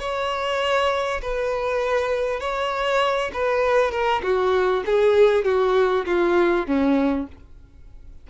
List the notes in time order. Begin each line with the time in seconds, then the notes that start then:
0.00 C#5
1.22 B4
2.41 C#5
3.34 B4
3.92 A#4
4.23 F#4
4.87 G#4
5.45 F#4
6.06 F4
6.67 C#4